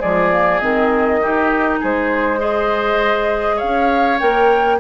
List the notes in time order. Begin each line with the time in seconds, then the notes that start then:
0.00 F3 G#3 G#4 D5
0.32 A#3
0.59 D#3 C4 D#5
1.21 D#4 G4
1.80 G#3 G#4 C5
2.39 G#4 C5 D#5
3.56 C#5 F5
3.63 C#4
4.20 A#3 A#4 G5